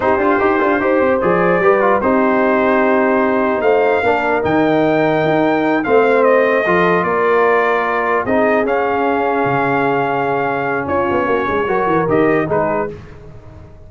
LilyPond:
<<
  \new Staff \with { instrumentName = "trumpet" } { \time 4/4 \tempo 4 = 149 c''2. d''4~ | d''4 c''2.~ | c''4 f''2 g''4~ | g''2~ g''8 f''4 dis''8~ |
dis''4. d''2~ d''8~ | d''8 dis''4 f''2~ f''8~ | f''2. cis''4~ | cis''2 dis''4 b'4 | }
  \new Staff \with { instrumentName = "horn" } { \time 4/4 g'2 c''2 | b'4 g'2.~ | g'4 c''4 ais'2~ | ais'2~ ais'8 c''4.~ |
c''8 a'4 ais'2~ ais'8~ | ais'8 gis'2.~ gis'8~ | gis'2. f'4 | fis'8 gis'8 ais'2 gis'4 | }
  \new Staff \with { instrumentName = "trombone" } { \time 4/4 dis'8 f'8 g'8 f'8 g'4 gis'4 | g'8 f'8 dis'2.~ | dis'2 d'4 dis'4~ | dis'2~ dis'8 c'4.~ |
c'8 f'2.~ f'8~ | f'8 dis'4 cis'2~ cis'8~ | cis'1~ | cis'4 fis'4 g'4 dis'4 | }
  \new Staff \with { instrumentName = "tuba" } { \time 4/4 c'8 d'8 dis'8 d'8 dis'8 c'8 f4 | g4 c'2.~ | c'4 a4 ais4 dis4~ | dis4 dis'4. a4.~ |
a8 f4 ais2~ ais8~ | ais8 c'4 cis'2 cis8~ | cis2. cis'8 b8 | ais8 gis8 fis8 e8 dis4 gis4 | }
>>